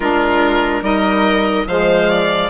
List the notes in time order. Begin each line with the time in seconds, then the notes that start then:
0.00 G#3 D4 F4 A#4
0.81 G3 D#4 A#4 D#5
1.66 F3 G#3 C5 F5
2.09 D5